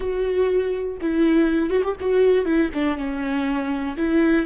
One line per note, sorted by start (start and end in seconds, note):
0.00 0.98 F#4
1.01 1.70 E4
1.70 1.82 F#4
1.83 1.95 G4
2.00 2.45 F#4
2.45 2.70 E4
2.74 2.97 D4
2.97 3.96 C#4
3.97 4.45 E4